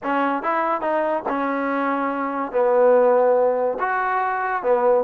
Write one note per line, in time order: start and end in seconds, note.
0.03 0.42 C#4
0.42 0.81 E4
0.81 1.23 D#4
1.28 2.52 C#4
2.52 3.78 B3
3.79 4.62 F#4
4.62 5.04 B3